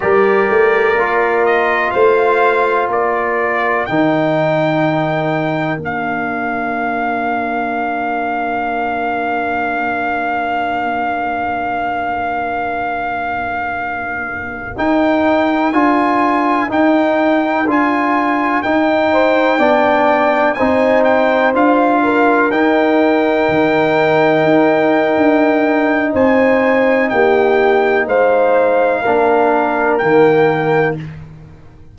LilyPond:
<<
  \new Staff \with { instrumentName = "trumpet" } { \time 4/4 \tempo 4 = 62 d''4. dis''8 f''4 d''4 | g''2 f''2~ | f''1~ | f''2.~ f''16 g''8.~ |
g''16 gis''4 g''4 gis''4 g''8.~ | g''4~ g''16 gis''8 g''8 f''4 g''8.~ | g''2. gis''4 | g''4 f''2 g''4 | }
  \new Staff \with { instrumentName = "horn" } { \time 4/4 ais'2 c''4 ais'4~ | ais'1~ | ais'1~ | ais'1~ |
ais'2.~ ais'8. c''16~ | c''16 d''4 c''4. ais'4~ ais'16~ | ais'2. c''4 | g'4 c''4 ais'2 | }
  \new Staff \with { instrumentName = "trombone" } { \time 4/4 g'4 f'2. | dis'2 d'2~ | d'1~ | d'2.~ d'16 dis'8.~ |
dis'16 f'4 dis'4 f'4 dis'8.~ | dis'16 d'4 dis'4 f'4 dis'8.~ | dis'1~ | dis'2 d'4 ais4 | }
  \new Staff \with { instrumentName = "tuba" } { \time 4/4 g8 a8 ais4 a4 ais4 | dis2 ais2~ | ais1~ | ais2.~ ais16 dis'8.~ |
dis'16 d'4 dis'4 d'4 dis'8.~ | dis'16 b4 c'4 d'4 dis'8.~ | dis'16 dis4 dis'8. d'4 c'4 | ais4 gis4 ais4 dis4 | }
>>